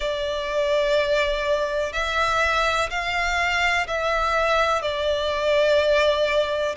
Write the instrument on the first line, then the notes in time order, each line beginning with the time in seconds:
violin
0.00 D5
1.92 E5
2.90 F5
3.87 E5
4.82 D5